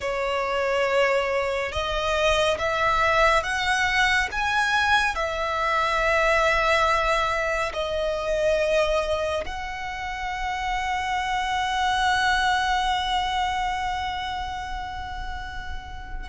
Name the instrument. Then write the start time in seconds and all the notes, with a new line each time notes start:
violin
0.00 C#5
1.71 D#5
2.58 E5
3.43 F#5
4.31 G#5
5.15 E5
7.73 D#5
9.45 F#5